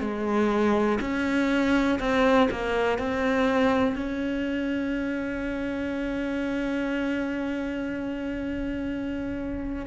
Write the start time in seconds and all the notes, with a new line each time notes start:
0.00 G#3
1.01 C#4
1.99 C4
2.51 A#3
2.98 C4
3.95 C#4